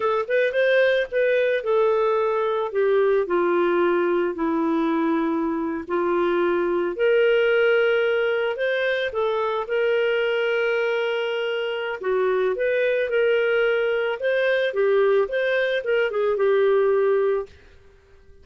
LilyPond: \new Staff \with { instrumentName = "clarinet" } { \time 4/4 \tempo 4 = 110 a'8 b'8 c''4 b'4 a'4~ | a'4 g'4 f'2 | e'2~ e'8. f'4~ f'16~ | f'8. ais'2. c''16~ |
c''8. a'4 ais'2~ ais'16~ | ais'2 fis'4 b'4 | ais'2 c''4 g'4 | c''4 ais'8 gis'8 g'2 | }